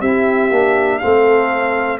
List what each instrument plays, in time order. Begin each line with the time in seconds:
0.00 tuba C4, trombone E4, horn G4, trumpet E5
0.51 tuba A#3, trombone D4
0.99 tuba A3, trombone C4, horn A4, trumpet F5